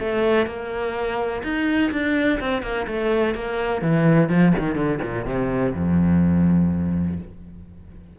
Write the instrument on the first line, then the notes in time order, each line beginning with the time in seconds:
cello
0.00 A3
0.47 A#3
1.44 D#4
1.92 D4
2.40 C4
2.63 A#3
2.87 A3
3.35 A#3
3.82 E3
4.30 F3
4.59 D#3
4.75 D3
5.03 A#2
5.26 C3
5.75 F2